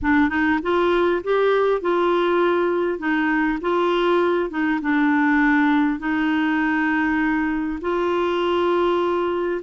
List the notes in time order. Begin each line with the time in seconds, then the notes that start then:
0.02 D4
0.29 D#4
0.62 F4
1.23 G4
1.81 F4
2.98 D#4
3.61 F4
4.49 D#4
4.81 D4
5.99 D#4
7.81 F4